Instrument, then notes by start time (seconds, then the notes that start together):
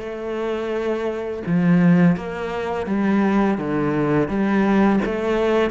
cello
0.00 A3
1.46 F3
2.17 A#3
2.87 G3
3.58 D3
4.29 G3
5.06 A3